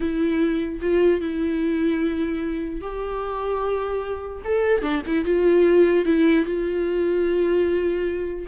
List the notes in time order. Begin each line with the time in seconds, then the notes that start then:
0.00 E4
0.81 F4
1.21 E4
2.81 G4
4.44 A4
4.82 D4
5.06 E4
5.24 F4
6.05 E4
6.45 F4